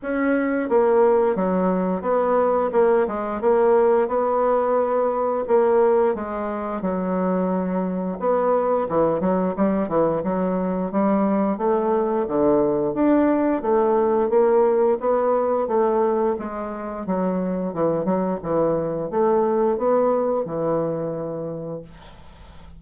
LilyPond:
\new Staff \with { instrumentName = "bassoon" } { \time 4/4 \tempo 4 = 88 cis'4 ais4 fis4 b4 | ais8 gis8 ais4 b2 | ais4 gis4 fis2 | b4 e8 fis8 g8 e8 fis4 |
g4 a4 d4 d'4 | a4 ais4 b4 a4 | gis4 fis4 e8 fis8 e4 | a4 b4 e2 | }